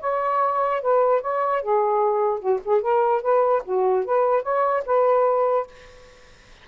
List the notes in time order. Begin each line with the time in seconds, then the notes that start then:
0.00 C#5
0.81 B4
1.21 C#5
1.62 G#4
2.39 F#4
2.64 G#4
2.81 A#4
3.22 B4
3.65 F#4
4.05 B4
4.42 C#5
4.86 B4